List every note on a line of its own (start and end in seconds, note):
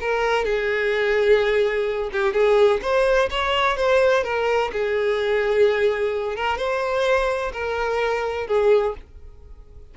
0.00 0.44 A#4
0.44 2.10 G#4
2.12 2.33 G4
2.33 2.80 G#4
2.82 3.29 C5
3.30 3.76 C#5
3.76 4.23 C5
4.23 4.71 A#4
4.72 6.36 G#4
6.36 6.57 A#4
6.57 7.52 C5
7.52 8.47 A#4
8.47 8.94 G#4